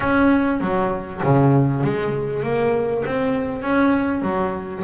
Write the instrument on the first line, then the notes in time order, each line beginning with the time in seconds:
double bass
0.00 C#4
0.60 F#3
1.23 C#3
1.83 G#3
2.42 A#3
3.05 C4
3.61 C#4
4.22 F#3